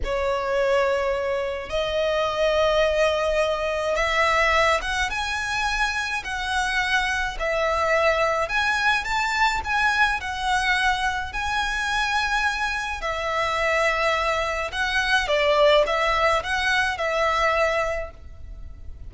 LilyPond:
\new Staff \with { instrumentName = "violin" } { \time 4/4 \tempo 4 = 106 cis''2. dis''4~ | dis''2. e''4~ | e''8 fis''8 gis''2 fis''4~ | fis''4 e''2 gis''4 |
a''4 gis''4 fis''2 | gis''2. e''4~ | e''2 fis''4 d''4 | e''4 fis''4 e''2 | }